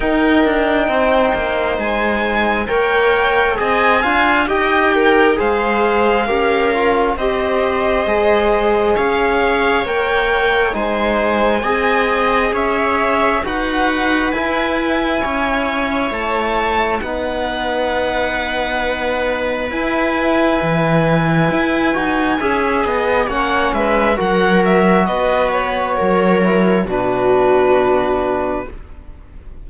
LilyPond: <<
  \new Staff \with { instrumentName = "violin" } { \time 4/4 \tempo 4 = 67 g''2 gis''4 g''4 | gis''4 g''4 f''2 | dis''2 f''4 g''4 | gis''2 e''4 fis''4 |
gis''2 a''4 fis''4~ | fis''2 gis''2~ | gis''2 fis''8 e''8 fis''8 e''8 | dis''8 cis''4. b'2 | }
  \new Staff \with { instrumentName = "viola" } { \time 4/4 ais'4 c''2 cis''4 | dis''8 f''8 dis''8 ais'8 c''4 ais'4 | c''2 cis''2 | c''4 dis''4 cis''4 b'4~ |
b'4 cis''2 b'4~ | b'1~ | b'4 e''8 dis''8 cis''8 b'8 ais'4 | b'4 ais'4 fis'2 | }
  \new Staff \with { instrumentName = "trombone" } { \time 4/4 dis'2. ais'4 | gis'8 f'8 g'4 gis'4 g'8 f'8 | g'4 gis'2 ais'4 | dis'4 gis'2 fis'4 |
e'2. dis'4~ | dis'2 e'2~ | e'8 fis'8 gis'4 cis'4 fis'4~ | fis'4. e'8 d'2 | }
  \new Staff \with { instrumentName = "cello" } { \time 4/4 dis'8 d'8 c'8 ais8 gis4 ais4 | c'8 d'8 dis'4 gis4 cis'4 | c'4 gis4 cis'4 ais4 | gis4 c'4 cis'4 dis'4 |
e'4 cis'4 a4 b4~ | b2 e'4 e4 | e'8 dis'8 cis'8 b8 ais8 gis8 fis4 | b4 fis4 b,2 | }
>>